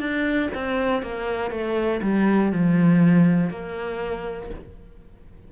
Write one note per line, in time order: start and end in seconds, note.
0.00 0.50 D4
0.55 1.03 C4
1.03 1.51 A#3
1.51 2.01 A3
2.02 2.52 G3
2.53 3.50 F3
3.50 4.50 A#3